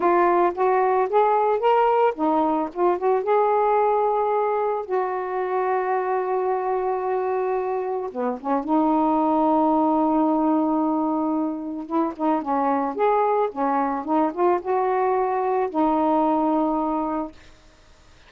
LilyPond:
\new Staff \with { instrumentName = "saxophone" } { \time 4/4 \tempo 4 = 111 f'4 fis'4 gis'4 ais'4 | dis'4 f'8 fis'8 gis'2~ | gis'4 fis'2.~ | fis'2. b8 cis'8 |
dis'1~ | dis'2 e'8 dis'8 cis'4 | gis'4 cis'4 dis'8 f'8 fis'4~ | fis'4 dis'2. | }